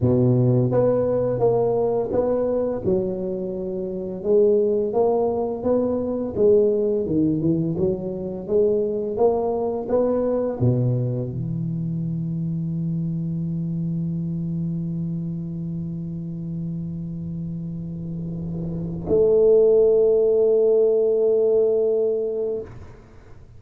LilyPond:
\new Staff \with { instrumentName = "tuba" } { \time 4/4 \tempo 4 = 85 b,4 b4 ais4 b4 | fis2 gis4 ais4 | b4 gis4 dis8 e8 fis4 | gis4 ais4 b4 b,4 |
e1~ | e1~ | e2. a4~ | a1 | }